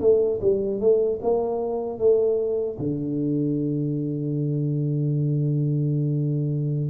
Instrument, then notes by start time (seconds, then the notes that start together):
tuba
0.00 A3
0.41 G3
0.80 A3
1.21 A#3
1.98 A3
2.78 D3